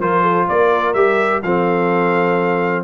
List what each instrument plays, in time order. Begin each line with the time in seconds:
0.00 tuba F3, trombone F4, horn A#4, trumpet C5
0.22 horn A4
0.49 tuba A#3, horn A#4, trumpet D5
0.94 tuba G3, trombone G4, trumpet E5
1.43 tuba F3, trombone C4, horn A4, trumpet F5